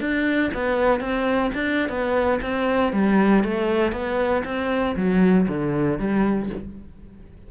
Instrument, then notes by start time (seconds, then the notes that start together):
cello
0.00 D4
0.54 B3
1.00 C4
1.54 D4
1.89 B3
2.42 C4
2.93 G3
3.43 A3
3.92 B3
4.44 C4
4.96 F#3
5.48 D3
5.99 G3